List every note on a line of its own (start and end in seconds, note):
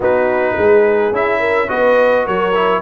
0.00 0.56 B3
0.00 1.13 D#4
0.00 0.55 F#4
0.00 1.15 B4
0.56 1.11 G#3
0.56 1.39 G#4
1.11 1.68 C#4
1.11 1.68 E4
1.11 1.69 E5
1.39 1.68 A#4
1.68 2.27 B3
1.68 2.53 F#4
1.68 2.24 B4
1.68 2.26 D#5
2.24 2.81 F#3
2.24 2.81 A#4
2.24 2.81 C#5
2.54 2.81 E4